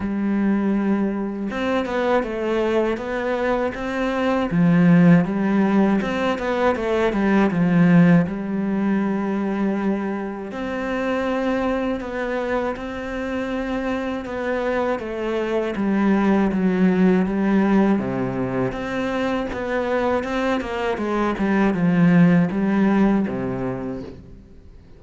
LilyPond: \new Staff \with { instrumentName = "cello" } { \time 4/4 \tempo 4 = 80 g2 c'8 b8 a4 | b4 c'4 f4 g4 | c'8 b8 a8 g8 f4 g4~ | g2 c'2 |
b4 c'2 b4 | a4 g4 fis4 g4 | c4 c'4 b4 c'8 ais8 | gis8 g8 f4 g4 c4 | }